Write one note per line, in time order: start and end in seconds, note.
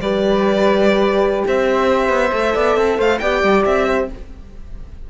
0.00 1.43 G3
0.00 2.31 G4
0.00 1.45 B4
0.00 1.44 D5
1.47 2.09 C4
1.47 2.55 C5
1.47 3.00 E5
2.09 2.31 B3
2.31 2.55 A3
2.31 3.19 A4
2.55 2.76 B3
2.55 2.77 D5
2.76 2.98 C4
2.76 2.97 A4
2.97 3.20 A3
2.97 3.19 C5
2.97 3.18 F5
3.18 3.43 B3
3.18 4.10 G4
3.18 3.86 D5
3.18 3.63 G5
3.43 3.65 G3
3.65 4.09 C4
3.65 4.09 E5
3.86 4.08 C5